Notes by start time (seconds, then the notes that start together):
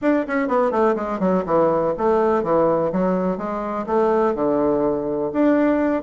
0.01 D4
0.27 C#4
0.48 B3
0.71 A3
0.95 G#3
1.19 F#3
1.46 E3
1.97 A3
2.43 E3
2.92 F#3
3.37 G#3
3.86 A3
4.34 D3
5.32 D4